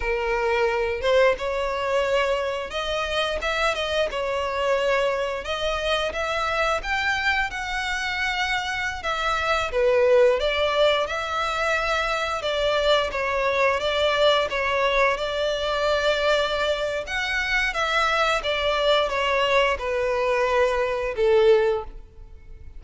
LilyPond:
\new Staff \with { instrumentName = "violin" } { \time 4/4 \tempo 4 = 88 ais'4. c''8 cis''2 | dis''4 e''8 dis''8 cis''2 | dis''4 e''4 g''4 fis''4~ | fis''4~ fis''16 e''4 b'4 d''8.~ |
d''16 e''2 d''4 cis''8.~ | cis''16 d''4 cis''4 d''4.~ d''16~ | d''4 fis''4 e''4 d''4 | cis''4 b'2 a'4 | }